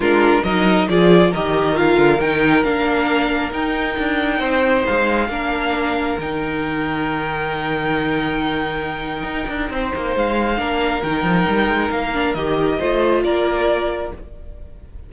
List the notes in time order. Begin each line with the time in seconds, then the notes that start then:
0.00 G#3 D4 F4 A#4
0.43 F#3 D#4 A#4 D#5
0.88 F3 F4 G#4 D5
1.31 D#3 G4 A#4 D#5
1.74 F4 F5
1.96 D3
2.19 D#3 D#4 G5
2.63 A#3 D4 F5
3.51 D#4 G5
3.98 D4
4.39 C4 C5
4.85 G#3 F5
5.28 A#3 D4 A#4
6.17 D#3 D#4 G5
9.23 D#4
9.48 D4
9.70 C4 C5
9.95 A#3
10.16 G#3 F5
10.56 A#3 D4 A#4
11.03 D#3 D#4 G5
11.23 F3
11.48 G3
11.68 G#3
11.90 A#3 F5
12.13 D4
12.34 D#3 G4 D#5
12.78 A3 F4 C5
13.23 A#3 A#4 D5